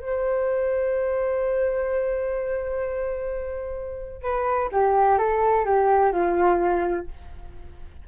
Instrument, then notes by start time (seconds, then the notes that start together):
flute
0.00 C5
4.23 B4
4.72 G4
5.19 A4
5.66 G4
6.13 F4